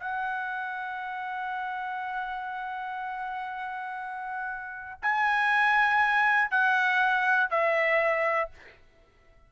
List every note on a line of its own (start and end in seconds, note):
0.00 5.00 F#5
5.02 6.50 G#5
6.50 7.50 F#5
7.50 8.50 E5